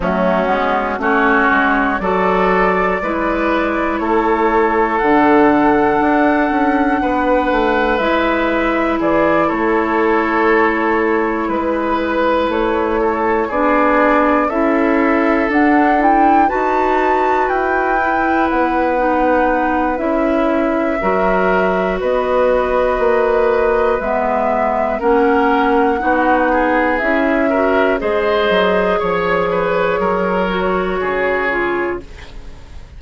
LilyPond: <<
  \new Staff \with { instrumentName = "flute" } { \time 4/4 \tempo 4 = 60 fis'4 cis''4 d''2 | cis''4 fis''2. | e''4 d''8 cis''2 b'8~ | b'8 cis''4 d''4 e''4 fis''8 |
g''8 a''4 g''4 fis''4. | e''2 dis''2 | e''4 fis''2 e''4 | dis''4 cis''2. | }
  \new Staff \with { instrumentName = "oboe" } { \time 4/4 cis'4 fis'4 a'4 b'4 | a'2. b'4~ | b'4 gis'8 a'2 b'8~ | b'4 a'8 gis'4 a'4.~ |
a'8 b'2.~ b'8~ | b'4 ais'4 b'2~ | b'4 ais'4 fis'8 gis'4 ais'8 | c''4 cis''8 b'8 ais'4 gis'4 | }
  \new Staff \with { instrumentName = "clarinet" } { \time 4/4 a8 b8 cis'4 fis'4 e'4~ | e'4 d'2. | e'1~ | e'4. d'4 e'4 d'8 |
e'8 fis'4. e'4 dis'4 | e'4 fis'2. | b4 cis'4 dis'4 e'8 fis'8 | gis'2~ gis'8 fis'4 f'8 | }
  \new Staff \with { instrumentName = "bassoon" } { \time 4/4 fis8 gis8 a8 gis8 fis4 gis4 | a4 d4 d'8 cis'8 b8 a8 | gis4 e8 a2 gis8~ | gis8 a4 b4 cis'4 d'8~ |
d'8 dis'4 e'4 b4. | cis'4 fis4 b4 ais4 | gis4 ais4 b4 cis'4 | gis8 fis8 f4 fis4 cis4 | }
>>